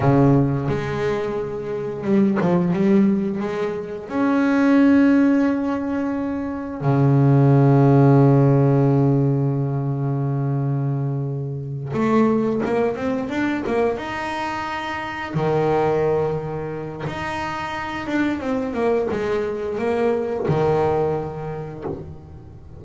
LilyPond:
\new Staff \with { instrumentName = "double bass" } { \time 4/4 \tempo 4 = 88 cis4 gis2 g8 f8 | g4 gis4 cis'2~ | cis'2 cis2~ | cis1~ |
cis4. a4 ais8 c'8 d'8 | ais8 dis'2 dis4.~ | dis4 dis'4. d'8 c'8 ais8 | gis4 ais4 dis2 | }